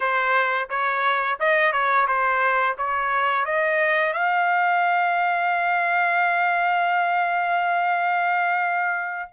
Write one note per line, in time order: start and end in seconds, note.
0.00 0.69 C5
0.69 1.38 C#5
1.39 1.72 D#5
1.72 2.07 C#5
2.07 2.76 C5
2.77 3.45 C#5
3.45 4.13 D#5
4.13 9.30 F5